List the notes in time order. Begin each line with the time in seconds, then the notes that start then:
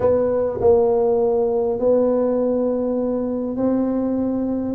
0.00 B3
0.60 A#3
1.79 B3
3.56 C4